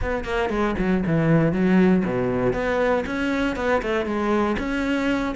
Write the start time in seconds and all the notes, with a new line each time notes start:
0.01 B3
0.24 A#3
0.49 G#3
0.78 F#3
1.06 E3
1.52 F#3
2.05 B2
2.53 B3
3.06 C#4
3.56 B3
3.81 A3
4.05 G#3
4.58 C#4